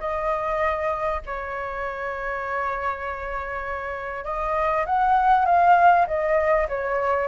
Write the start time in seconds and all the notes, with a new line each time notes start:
0.00 D#5
1.26 C#5
4.25 D#5
4.86 F#5
5.46 F5
6.07 D#5
6.69 C#5